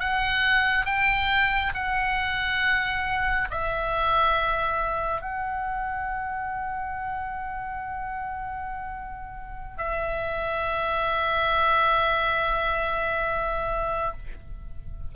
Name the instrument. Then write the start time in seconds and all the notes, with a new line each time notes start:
oboe
0.00 F#5
0.86 G5
1.74 F#5
3.51 E5
5.21 F#5
9.78 E5